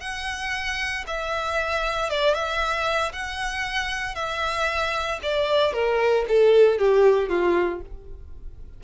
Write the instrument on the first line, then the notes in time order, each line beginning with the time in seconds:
violin
0.00 F#5
1.07 E5
2.10 D5
2.34 E5
3.13 F#5
4.15 E5
5.23 D5
5.73 A#4
6.28 A4
6.78 G4
7.29 F4